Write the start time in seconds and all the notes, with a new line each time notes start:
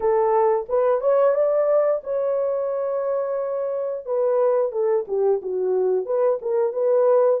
0.00 A4
0.68 B4
1.01 C#5
1.34 D5
2.03 C#5
4.05 B4
4.72 A4
5.07 G4
5.42 F#4
6.05 B4
6.41 A#4
6.72 B4